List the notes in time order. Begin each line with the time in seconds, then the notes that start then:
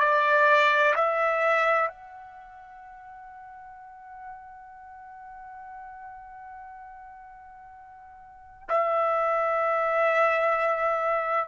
0.00 D5
0.95 E5
1.88 F#5
8.68 E5